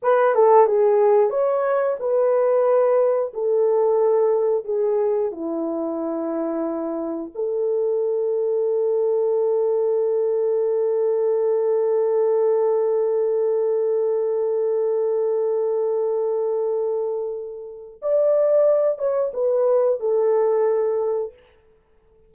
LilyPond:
\new Staff \with { instrumentName = "horn" } { \time 4/4 \tempo 4 = 90 b'8 a'8 gis'4 cis''4 b'4~ | b'4 a'2 gis'4 | e'2. a'4~ | a'1~ |
a'1~ | a'1~ | a'2. d''4~ | d''8 cis''8 b'4 a'2 | }